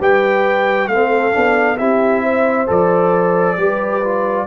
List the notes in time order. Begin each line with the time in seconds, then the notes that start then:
0.00 G3 G4 B4 G5
0.88 A3 C4 A4 F5
1.33 B3 D4
1.78 C4 E4 G4 E5
2.23 C5
2.67 F3 A4 D5
3.58 G3 G4 B4
4.04 F4